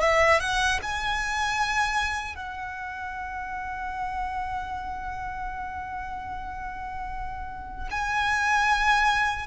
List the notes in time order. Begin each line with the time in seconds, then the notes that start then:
0.00 E5
0.40 F#5
0.82 G#5
2.35 F#5
7.91 G#5